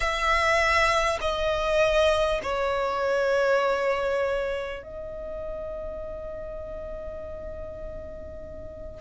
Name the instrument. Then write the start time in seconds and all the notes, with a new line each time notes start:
violin
0.00 E5
1.20 D#5
2.43 C#5
4.83 D#5